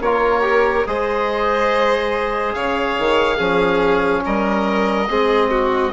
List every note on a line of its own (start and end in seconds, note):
0.00 0.85 A#3
0.00 0.42 F4
0.00 0.87 A#4
0.00 0.86 C#5
0.42 0.84 G4
0.86 2.55 G#3
0.86 3.38 G#4
0.86 2.55 C5
0.86 2.53 D#5
2.53 2.98 C#3
2.53 3.36 C#5
2.53 4.22 F5
2.98 3.39 D#3
3.36 4.24 F3
3.36 5.07 C#4
3.36 4.21 G#4
4.24 5.08 G3
4.24 5.09 A#4
4.24 5.92 D#5
5.08 5.92 G#3
5.08 5.92 C4
5.08 5.50 G#4
5.50 5.92 F#4